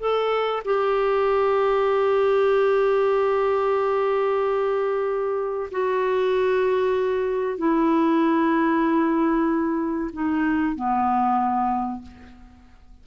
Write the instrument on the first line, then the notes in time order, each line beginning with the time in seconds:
clarinet
0.00 A4
0.65 G4
5.72 F#4
7.58 E4
10.13 D#4
10.76 B3